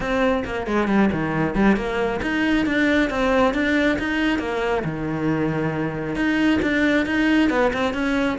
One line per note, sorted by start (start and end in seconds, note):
0.00 0.44 C4
0.44 0.66 A#3
0.67 0.87 G#3
0.87 1.09 G3
1.12 1.54 D#3
1.54 1.76 G3
1.76 2.20 A#3
2.21 2.66 D#4
2.66 3.10 D4
3.10 3.54 C4
3.54 3.98 D4
3.98 4.39 D#4
4.39 4.83 A#3
4.84 6.15 D#3
6.15 6.59 D#4
6.62 7.06 D4
7.06 7.50 D#4
7.50 7.72 B3
7.73 7.93 C4
7.93 8.37 C#4